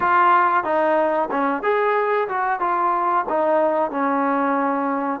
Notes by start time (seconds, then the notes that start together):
0.00 F4
0.63 D#4
1.30 C#4
1.62 G#4
2.28 F#4
2.59 F4
3.28 D#4
3.90 C#4